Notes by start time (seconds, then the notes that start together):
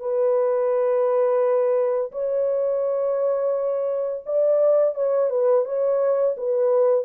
0.00 B4
2.12 C#5
4.26 D5
4.95 C#5
5.30 B4
5.65 C#5
6.37 B4